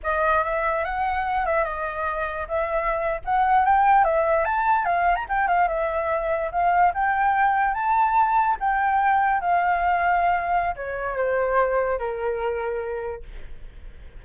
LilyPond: \new Staff \with { instrumentName = "flute" } { \time 4/4 \tempo 4 = 145 dis''4 e''4 fis''4. e''8 | dis''2 e''4.~ e''16 fis''16~ | fis''8. g''4 e''4 a''4 f''16~ | f''8 ais''16 g''8 f''8 e''2 f''16~ |
f''8. g''2 a''4~ a''16~ | a''8. g''2 f''4~ f''16~ | f''2 cis''4 c''4~ | c''4 ais'2. | }